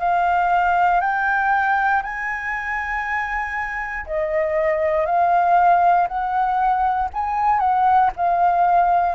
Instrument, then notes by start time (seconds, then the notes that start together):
flute
0.00 F5
1.01 G5
2.03 G#5
4.06 D#5
5.06 F5
6.08 F#5
7.14 G#5
7.60 F#5
8.16 F5